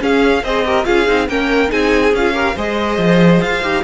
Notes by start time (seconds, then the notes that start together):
0.00 C#4 G#4 F5
0.43 C4 G#4 C5 D#5
0.66 G4 A#4
0.85 C#4 F4 G#4 F5
1.06 C4 D#4
1.28 A#3 C#4 A#4 G5
1.68 C4 D#4 G#4 G#5
2.13 C#4 F4 F5
2.34 G4 A#4
2.55 G#3 G#4 C5 D#5
2.97 F3
3.41 F4 F5
3.62 D#4 G4